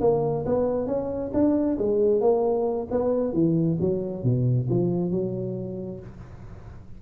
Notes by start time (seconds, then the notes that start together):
0.00 A#3
0.45 B3
0.86 C#4
1.33 D4
1.78 G#3
2.20 A#3
2.90 B3
3.33 E3
3.80 F#3
4.23 B2
4.69 F3
5.11 F#3